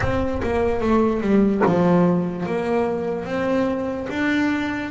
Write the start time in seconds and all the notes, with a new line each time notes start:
0.00 C4
0.43 A#3
0.80 A3
1.21 G3
1.66 F3
2.45 A#3
3.25 C4
4.09 D4